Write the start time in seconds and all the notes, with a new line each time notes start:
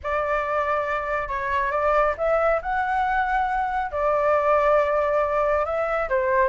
0.03 D5
1.28 C#5
1.71 D5
2.17 E5
2.61 F#5
3.91 D5
5.65 E5
6.09 C5